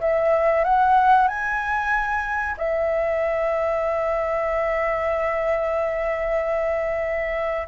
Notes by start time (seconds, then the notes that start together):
0.00 E5
0.64 F#5
1.28 G#5
2.57 E5